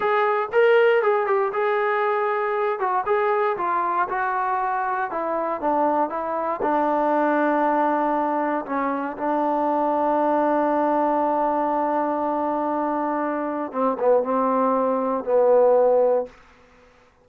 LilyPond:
\new Staff \with { instrumentName = "trombone" } { \time 4/4 \tempo 4 = 118 gis'4 ais'4 gis'8 g'8 gis'4~ | gis'4. fis'8 gis'4 f'4 | fis'2 e'4 d'4 | e'4 d'2.~ |
d'4 cis'4 d'2~ | d'1~ | d'2. c'8 b8 | c'2 b2 | }